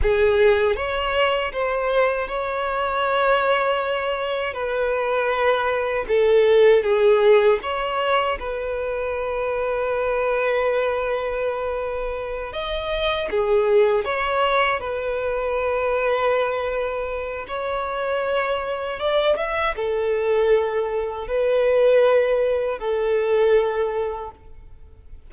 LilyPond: \new Staff \with { instrumentName = "violin" } { \time 4/4 \tempo 4 = 79 gis'4 cis''4 c''4 cis''4~ | cis''2 b'2 | a'4 gis'4 cis''4 b'4~ | b'1~ |
b'8 dis''4 gis'4 cis''4 b'8~ | b'2. cis''4~ | cis''4 d''8 e''8 a'2 | b'2 a'2 | }